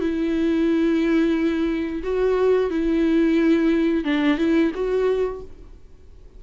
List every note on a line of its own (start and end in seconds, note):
0.00 2.02 E4
2.03 2.70 F#4
2.70 4.04 E4
4.04 4.38 D4
4.38 4.71 E4
4.74 5.42 F#4